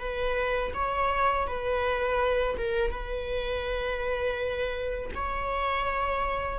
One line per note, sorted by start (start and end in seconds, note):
0.00 0.73 B4
0.74 1.47 C#5
1.47 2.57 B4
2.58 2.91 A#4
2.91 5.11 B4
5.15 6.60 C#5